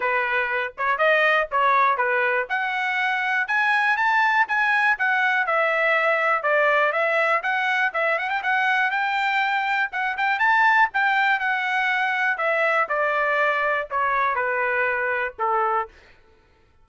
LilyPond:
\new Staff \with { instrumentName = "trumpet" } { \time 4/4 \tempo 4 = 121 b'4. cis''8 dis''4 cis''4 | b'4 fis''2 gis''4 | a''4 gis''4 fis''4 e''4~ | e''4 d''4 e''4 fis''4 |
e''8 fis''16 g''16 fis''4 g''2 | fis''8 g''8 a''4 g''4 fis''4~ | fis''4 e''4 d''2 | cis''4 b'2 a'4 | }